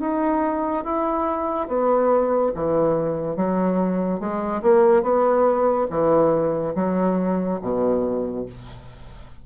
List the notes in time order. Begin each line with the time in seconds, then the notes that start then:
0.00 D#4
0.84 E4
1.68 B3
2.55 E3
3.36 F#3
4.19 G#3
4.62 A#3
5.02 B3
5.90 E3
6.75 F#3
7.61 B2